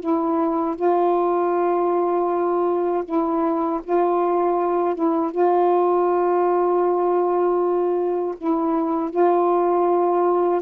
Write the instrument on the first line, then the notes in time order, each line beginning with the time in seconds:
saxophone
0.00 E4
0.76 F4
3.04 E4
3.83 F4
4.95 E4
5.31 F4
8.37 E4
9.10 F4